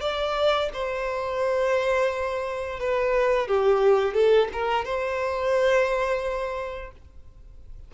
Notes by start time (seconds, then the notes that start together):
0.00 D5
0.73 C5
2.79 B4
3.47 G4
4.13 A4
4.52 A#4
4.84 C5